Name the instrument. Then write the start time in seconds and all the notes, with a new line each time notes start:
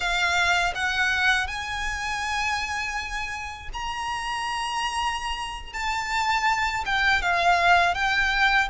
violin
0.00 F5
0.74 F#5
1.47 G#5
3.73 A#5
5.73 A5
6.85 G5
7.22 F5
7.94 G5